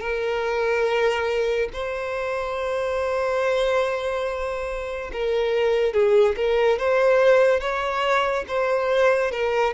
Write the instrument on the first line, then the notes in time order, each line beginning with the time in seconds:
violin
0.00 A#4
1.73 C5
5.12 A#4
5.93 G#4
6.36 A#4
6.78 C5
7.60 C#5
8.47 C5
9.31 A#4